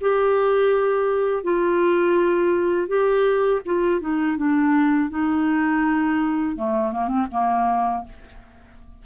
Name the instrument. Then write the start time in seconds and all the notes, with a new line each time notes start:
clarinet
0.00 G4
1.43 F4
2.87 G4
3.65 F4
4.00 D#4
4.37 D4
5.10 D#4
6.56 A3
6.92 A#3
7.07 C4
7.31 A#3